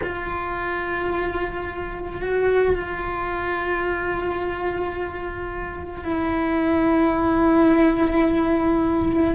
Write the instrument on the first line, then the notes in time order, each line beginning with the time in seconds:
cello
0.03 F4
2.21 F#4
2.75 F4
6.04 E4